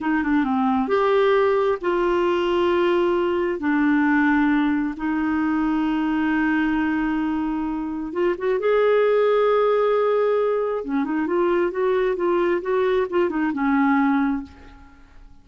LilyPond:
\new Staff \with { instrumentName = "clarinet" } { \time 4/4 \tempo 4 = 133 dis'8 d'8 c'4 g'2 | f'1 | d'2. dis'4~ | dis'1~ |
dis'2 f'8 fis'8 gis'4~ | gis'1 | cis'8 dis'8 f'4 fis'4 f'4 | fis'4 f'8 dis'8 cis'2 | }